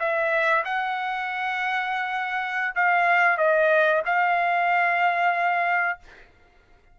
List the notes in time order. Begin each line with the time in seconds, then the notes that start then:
0.00 E5
0.65 F#5
2.75 F5
3.38 D#5
4.06 F5